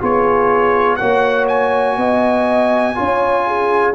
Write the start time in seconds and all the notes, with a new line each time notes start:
0.00 B3 F4 G#4 C#5
0.96 A#3 F#4 C#5 F#5
1.49 G#5
1.97 B3 D#5
2.95 C#4 F4 C#5
3.47 G#4